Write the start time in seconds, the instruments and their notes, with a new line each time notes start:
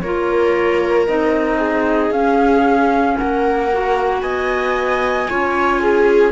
0.00 cello A#3, clarinet F4, viola A#4, flute C#5
1.06 cello C4, clarinet D#4, flute D#5
1.57 viola G#4
2.10 cello C#4, clarinet C#4, flute F5
3.17 cello A#3, viola A#4, flute F#5
3.72 clarinet F#4
4.20 cello B3, viola D#5, flute G#5
5.29 cello C#4, clarinet F4, viola C#5
5.80 viola G#4